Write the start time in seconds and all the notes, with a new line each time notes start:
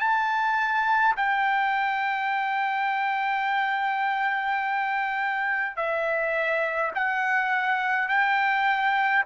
0.00 A5
1.17 G5
5.76 E5
6.95 F#5
8.09 G5